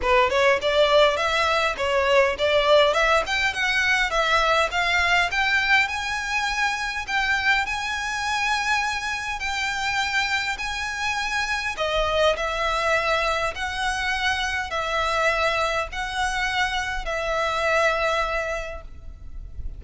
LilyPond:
\new Staff \with { instrumentName = "violin" } { \time 4/4 \tempo 4 = 102 b'8 cis''8 d''4 e''4 cis''4 | d''4 e''8 g''8 fis''4 e''4 | f''4 g''4 gis''2 | g''4 gis''2. |
g''2 gis''2 | dis''4 e''2 fis''4~ | fis''4 e''2 fis''4~ | fis''4 e''2. | }